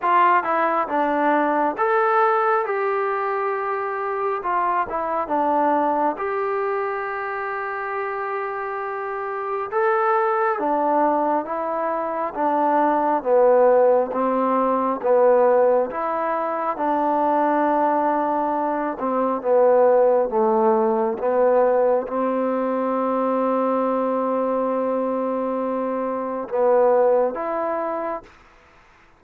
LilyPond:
\new Staff \with { instrumentName = "trombone" } { \time 4/4 \tempo 4 = 68 f'8 e'8 d'4 a'4 g'4~ | g'4 f'8 e'8 d'4 g'4~ | g'2. a'4 | d'4 e'4 d'4 b4 |
c'4 b4 e'4 d'4~ | d'4. c'8 b4 a4 | b4 c'2.~ | c'2 b4 e'4 | }